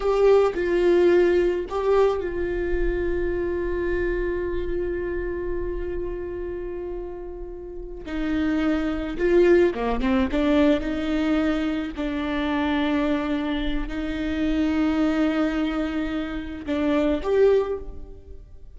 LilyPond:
\new Staff \with { instrumentName = "viola" } { \time 4/4 \tempo 4 = 108 g'4 f'2 g'4 | f'1~ | f'1~ | f'2~ f'8 dis'4.~ |
dis'8 f'4 ais8 c'8 d'4 dis'8~ | dis'4. d'2~ d'8~ | d'4 dis'2.~ | dis'2 d'4 g'4 | }